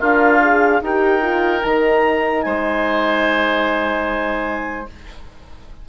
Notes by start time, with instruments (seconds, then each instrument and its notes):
0.00 bassoon D4, oboe F4, horn A#4, clarinet F5
0.42 horn G#4
0.82 bassoon D#4, horn G4, oboe A#4, clarinet G5
1.22 horn F4
1.62 bassoon D#3, horn D#4, clarinet A#5
2.43 bassoon G#3, oboe C5, clarinet G#5